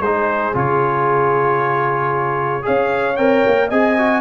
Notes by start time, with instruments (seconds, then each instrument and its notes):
0.00 tuba G#3, trombone D#4, horn G#4, trumpet C5
0.54 tuba C#3, trombone F4, trumpet C#5
2.62 tuba C#4, trombone G#4, horn C#5, trumpet F5
3.17 tuba C4, trombone A#4, trumpet G5
3.47 tuba A#3
3.69 tuba C4, trombone G#4, horn D#5, trumpet G#5
3.98 trombone F#4